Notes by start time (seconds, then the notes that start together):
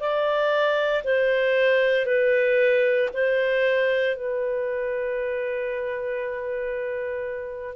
0.00 D5
1.04 C5
2.06 B4
3.14 C5
4.16 B4